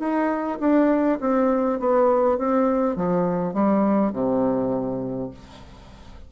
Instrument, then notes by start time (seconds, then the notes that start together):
bassoon
0.00 D#4
0.61 D4
1.21 C4
1.80 B3
2.39 C4
2.97 F3
3.54 G3
4.13 C3